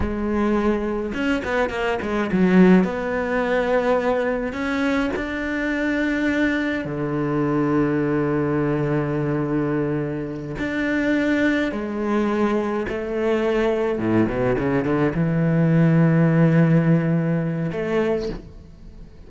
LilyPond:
\new Staff \with { instrumentName = "cello" } { \time 4/4 \tempo 4 = 105 gis2 cis'8 b8 ais8 gis8 | fis4 b2. | cis'4 d'2. | d1~ |
d2~ d8 d'4.~ | d'8 gis2 a4.~ | a8 a,8 b,8 cis8 d8 e4.~ | e2. a4 | }